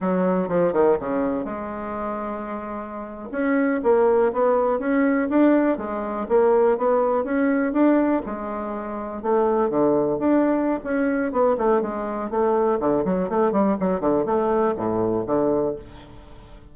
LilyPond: \new Staff \with { instrumentName = "bassoon" } { \time 4/4 \tempo 4 = 122 fis4 f8 dis8 cis4 gis4~ | gis2~ gis8. cis'4 ais16~ | ais8. b4 cis'4 d'4 gis16~ | gis8. ais4 b4 cis'4 d'16~ |
d'8. gis2 a4 d16~ | d8. d'4~ d'16 cis'4 b8 a8 | gis4 a4 d8 fis8 a8 g8 | fis8 d8 a4 a,4 d4 | }